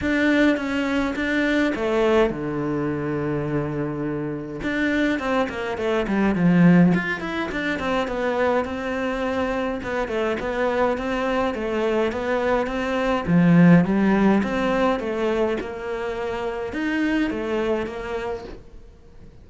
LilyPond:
\new Staff \with { instrumentName = "cello" } { \time 4/4 \tempo 4 = 104 d'4 cis'4 d'4 a4 | d1 | d'4 c'8 ais8 a8 g8 f4 | f'8 e'8 d'8 c'8 b4 c'4~ |
c'4 b8 a8 b4 c'4 | a4 b4 c'4 f4 | g4 c'4 a4 ais4~ | ais4 dis'4 a4 ais4 | }